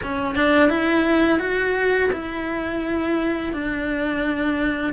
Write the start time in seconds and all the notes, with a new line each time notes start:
0.02 C#4
0.35 D4
0.69 E4
1.39 F#4
2.12 E4
3.53 D4